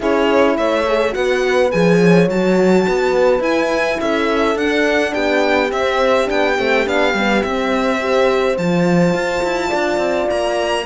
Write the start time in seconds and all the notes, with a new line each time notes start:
0.00 C#4 E4 G#4 C#5
0.56 A3 C#5 E5
0.86 G#4
1.12 B3 F#4 B4 F#5
1.71 F3 G#4 G#5
2.01 C#5
2.29 F#3 F#4 A5
2.85 B3 B4
3.39 E4 G#5
4.01 C#4 A4 E5
4.55 D4 F#5
5.12 B3 G4 G5
5.70 C4 E5
6.25 B3 D4 G5
6.57 A3 C4
6.84 B3 D4 F5
7.13 G3 B3
7.42 C4 E5
7.99 G4 C5
8.57 F3 F4 A5
9.14 F4
9.43 E4
9.68 D4 D5
9.97 C4
10.29 A#3 A#5